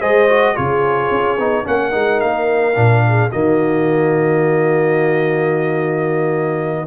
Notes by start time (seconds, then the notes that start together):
0.00 G#3 G#4 C5 D#5
0.28 F#4
0.53 C#3 F4 G#4 C#5
1.11 C#4
1.38 B3 D#4
1.64 A#3 C#4 A#4 F#5
1.91 G#3 D#4
2.20 A#3 F5
2.75 A#2 D4
3.08 G#4
3.30 D#3 A#3 F#4 D#5